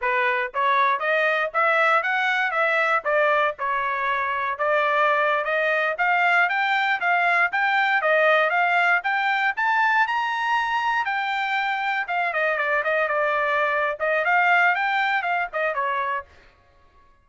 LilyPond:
\new Staff \with { instrumentName = "trumpet" } { \time 4/4 \tempo 4 = 118 b'4 cis''4 dis''4 e''4 | fis''4 e''4 d''4 cis''4~ | cis''4 d''4.~ d''16 dis''4 f''16~ | f''8. g''4 f''4 g''4 dis''16~ |
dis''8. f''4 g''4 a''4 ais''16~ | ais''4.~ ais''16 g''2 f''16~ | f''16 dis''8 d''8 dis''8 d''4.~ d''16 dis''8 | f''4 g''4 f''8 dis''8 cis''4 | }